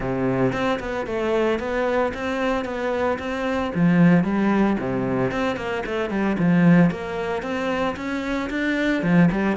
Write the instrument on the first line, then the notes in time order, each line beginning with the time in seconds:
cello
0.00 C3
0.52 C4
0.79 B3
1.06 A3
1.59 B3
2.14 C4
2.64 B3
3.19 C4
3.75 F3
4.23 G3
4.79 C3
5.31 C4
5.56 A#3
5.86 A3
6.09 G3
6.39 F3
6.91 A#3
7.42 C4
7.96 C#4
8.50 D4
9.02 F3
9.31 G3